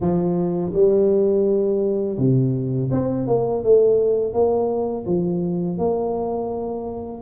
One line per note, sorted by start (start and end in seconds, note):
0.00 0.73 F3
0.73 2.18 G3
2.18 2.90 C3
2.91 3.27 C4
3.27 3.63 A#3
3.63 4.33 A3
4.33 5.05 A#3
5.06 5.78 F3
5.78 7.22 A#3